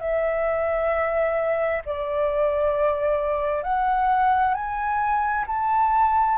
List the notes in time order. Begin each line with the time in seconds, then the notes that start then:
0.00 E5
1.86 D5
3.63 F#5
4.55 G#5
5.47 A5